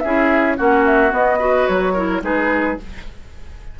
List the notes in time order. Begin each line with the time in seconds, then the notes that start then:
0.00 C#4 E4 G#4 E5
0.58 A#3 C#4 F#4 F#5
0.86 E5
1.10 B3 D#5
1.39 F#4 B4
1.67 F#3 C#5
1.93 E4 A#4
2.22 G#3 D#4 G#4 B4